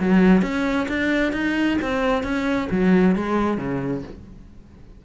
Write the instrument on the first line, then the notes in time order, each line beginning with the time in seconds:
cello
0.00 F#3
0.42 C#4
0.88 D4
1.32 D#4
1.82 C4
2.23 C#4
2.71 F#3
3.16 G#3
3.58 C#3